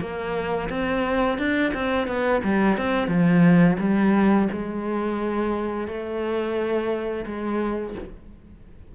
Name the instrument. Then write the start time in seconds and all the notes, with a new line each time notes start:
cello
0.00 A#3
0.70 C4
1.38 D4
1.74 C4
2.07 B3
2.44 G3
2.77 C4
3.08 F3
3.80 G3
4.52 G#3
5.87 A3
7.26 G#3